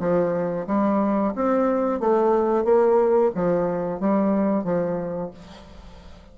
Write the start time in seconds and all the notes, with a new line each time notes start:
0.00 F3
0.67 G3
1.35 C4
2.00 A3
2.65 A#3
3.35 F3
4.00 G3
4.64 F3